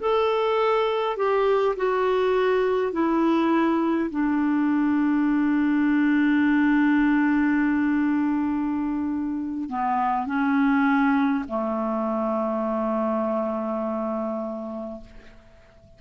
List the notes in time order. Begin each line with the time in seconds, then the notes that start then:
0.00 A4
1.17 G4
1.76 F#4
2.93 E4
4.10 D4
9.69 B3
10.26 C#4
11.48 A3